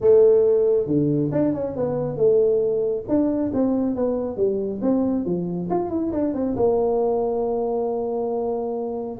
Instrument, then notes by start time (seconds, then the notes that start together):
tuba
0.01 A3
0.86 D3
1.32 D4
1.54 C#4
1.76 B3
2.16 A3
3.08 D4
3.53 C4
3.95 B3
4.36 G3
4.81 C4
5.25 F3
5.69 F4
5.90 E4
6.12 D4
6.34 C4
6.56 A#3